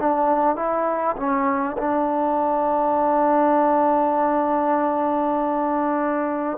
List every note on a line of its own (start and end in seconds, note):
0.00 0.56 D4
0.56 1.16 E4
1.17 1.77 C#4
1.78 6.58 D4